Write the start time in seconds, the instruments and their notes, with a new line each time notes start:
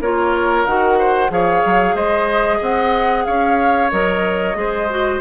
0.00 bassoon A#3, clarinet F4, oboe A#4, flute C#5
0.65 bassoon D#3, clarinet F#4, flute F#5
0.98 oboe C5
1.29 bassoon F3, clarinet G#4, oboe C#5, flute F5
1.65 bassoon F#3
1.94 bassoon G#3, oboe C5, flute D#5
2.58 bassoon C4, oboe D#5, flute F#5
3.25 bassoon C#4, oboe C#5, flute F5
3.90 bassoon F#3, clarinet A#4, flute D#5
4.54 bassoon G#3, clarinet G#4, oboe C5
4.89 clarinet F#4